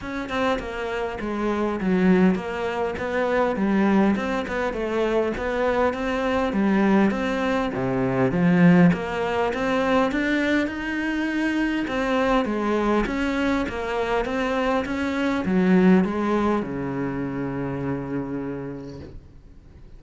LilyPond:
\new Staff \with { instrumentName = "cello" } { \time 4/4 \tempo 4 = 101 cis'8 c'8 ais4 gis4 fis4 | ais4 b4 g4 c'8 b8 | a4 b4 c'4 g4 | c'4 c4 f4 ais4 |
c'4 d'4 dis'2 | c'4 gis4 cis'4 ais4 | c'4 cis'4 fis4 gis4 | cis1 | }